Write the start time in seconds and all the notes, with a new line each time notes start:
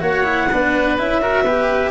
0.00 A#3 F#4 C#5 F#5
0.24 E4
0.52 B3 D4 B4
0.98 C#4 E4 E5
1.22 F#4 A#4
1.44 B3 G4 B4